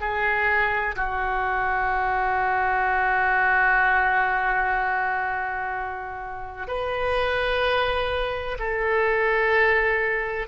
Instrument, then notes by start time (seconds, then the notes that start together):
oboe
0.00 G#4
0.96 F#4
6.67 B4
8.58 A4